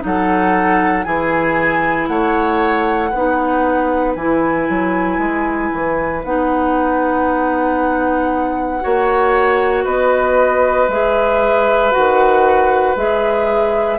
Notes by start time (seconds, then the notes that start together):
0.00 F#3 D#4 A4 F#5
1.03 E3 E4 G#4 G#5
2.07 A3 C#5 F#5
3.10 B3 D#4 B4
4.15 E3 E4 G#5
4.69 F#3
5.18 G#3
5.73 E3
6.24 B3 D#4 F#5
8.80 A#3 F#4 C#5
9.84 B3 B4 D#5
10.88 G#3 G#4 E5
11.91 D#3 F#4 F#5
12.95 G#3 G#4 E5